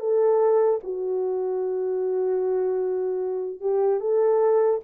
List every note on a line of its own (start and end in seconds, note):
0.00 0.80 A4
0.84 3.61 F#4
3.61 4.01 G4
4.01 4.81 A4